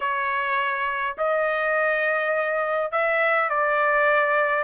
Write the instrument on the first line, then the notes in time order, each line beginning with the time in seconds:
trumpet
0.00 C#5
1.17 D#5
2.91 E5
3.49 D5